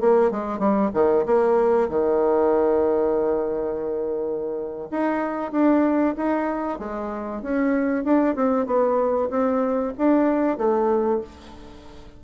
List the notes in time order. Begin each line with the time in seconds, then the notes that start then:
0.00 A#3
0.31 G#3
0.59 G3
0.94 D#3
1.26 A#3
1.89 D#3
4.91 D#4
5.52 D4
6.17 D#4
6.79 G#3
7.42 C#4
8.04 D4
8.36 C4
8.66 B3
9.30 C4
9.98 D4
10.58 A3